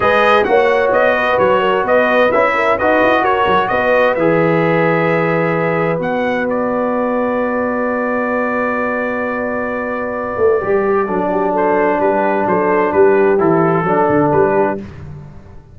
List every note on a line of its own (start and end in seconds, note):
0.00 0.46 G#3
0.00 0.45 G#4
0.00 0.47 B4
0.00 0.44 D#5
0.44 0.91 A#3
0.44 2.30 F#4
0.44 1.15 C#5
0.44 0.90 F#5
0.91 1.37 B3
0.91 1.38 D#5
1.15 1.60 B4
1.38 1.84 F#3
1.38 1.85 C#5
1.60 1.83 A#4
1.83 2.30 B3
1.83 2.52 B4
1.83 2.31 D#5
2.31 2.79 C#4
2.31 2.79 E4
2.31 2.77 E5
2.54 2.77 A#4
2.77 3.02 D#4
2.77 4.18 F#4
2.77 3.22 B4
2.77 3.24 D#5
3.02 3.21 E4
3.21 3.44 F#4
3.21 3.68 A#4
3.21 3.68 C#5
3.46 3.69 F#3
3.68 4.16 B3
3.68 11.05 B4
3.68 4.14 D#5
4.14 5.99 E3
4.14 5.98 G#4
4.14 5.99 E5
5.98 10.37 B3
5.98 10.59 F#4
5.98 6.47 F#5
6.49 11.56 D5
10.37 10.60 A3
10.60 11.08 G3
10.60 11.06 G4
11.05 11.99 F#3
11.05 13.38 D4
11.05 11.29 A4
11.31 11.52 G4
11.52 11.98 A4
11.52 12.00 C5
11.99 12.45 G3
11.99 12.47 G4
11.99 12.46 B4
12.46 12.92 F#3
12.46 12.93 A4
12.46 12.92 C5
12.92 13.38 G3
12.92 13.85 G4
12.92 13.38 B4
13.38 13.83 E3
13.38 13.84 E4
13.38 14.31 A4
13.83 14.06 F#3
13.83 14.77 D4
13.83 14.52 A4
14.09 14.32 D3
14.31 14.79 G3
14.31 14.77 B4
14.52 14.76 G4